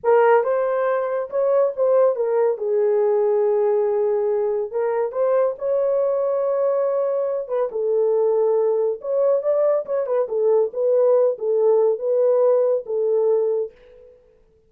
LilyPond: \new Staff \with { instrumentName = "horn" } { \time 4/4 \tempo 4 = 140 ais'4 c''2 cis''4 | c''4 ais'4 gis'2~ | gis'2. ais'4 | c''4 cis''2.~ |
cis''4. b'8 a'2~ | a'4 cis''4 d''4 cis''8 b'8 | a'4 b'4. a'4. | b'2 a'2 | }